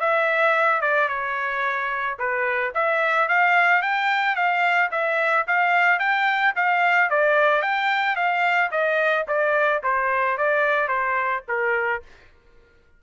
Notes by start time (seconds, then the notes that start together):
0.00 E5
0.82 D5
1.09 C#5
2.19 B4
2.75 E5
3.29 F5
3.82 G5
4.36 F5
4.91 E5
5.47 F5
5.99 G5
6.56 F5
7.10 D5
7.62 G5
8.16 F5
8.71 D#5
9.28 D5
9.83 C5
10.38 D5
10.88 C5
11.48 A#4